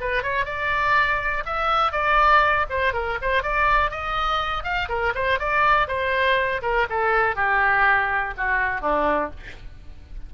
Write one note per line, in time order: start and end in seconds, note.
0.00 0.22 B4
0.22 0.45 C#5
0.45 1.43 D5
1.46 1.92 E5
1.92 2.66 D5
2.69 2.93 C5
2.93 3.18 A#4
3.21 3.43 C5
3.43 3.91 D5
3.91 4.63 D#5
4.63 4.88 F5
4.88 5.13 A#4
5.15 5.39 C5
5.39 5.87 D5
5.87 6.61 C5
6.62 6.87 A#4
6.89 7.35 A4
7.35 8.34 G4
8.37 8.81 F#4
8.81 9.30 D4